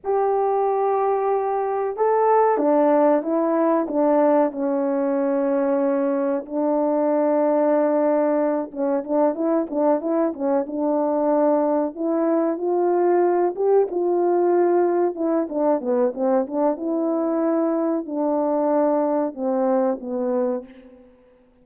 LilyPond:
\new Staff \with { instrumentName = "horn" } { \time 4/4 \tempo 4 = 93 g'2. a'4 | d'4 e'4 d'4 cis'4~ | cis'2 d'2~ | d'4. cis'8 d'8 e'8 d'8 e'8 |
cis'8 d'2 e'4 f'8~ | f'4 g'8 f'2 e'8 | d'8 b8 c'8 d'8 e'2 | d'2 c'4 b4 | }